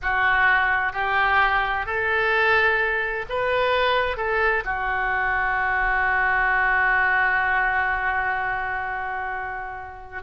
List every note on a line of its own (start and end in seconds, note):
0.02 0.93 F#4
0.93 1.86 G4
1.86 3.25 A4
3.29 4.16 B4
4.16 4.63 A4
4.64 10.22 F#4